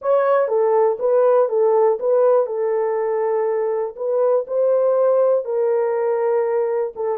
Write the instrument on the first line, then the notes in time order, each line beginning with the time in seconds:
horn
0.01 C#5
0.48 A4
0.99 B4
1.48 A4
1.99 B4
2.46 A4
3.96 B4
4.47 C5
5.44 A#4
6.95 A4